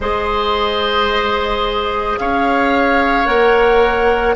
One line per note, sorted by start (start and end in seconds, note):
0.00 2.17 G#3
0.00 3.25 G#4
0.00 2.19 C5
0.00 2.18 D#5
2.18 3.27 C#4
2.18 4.35 C#5
2.18 3.25 F5
3.25 4.35 A#3
3.25 4.34 A#4
3.25 4.35 F#5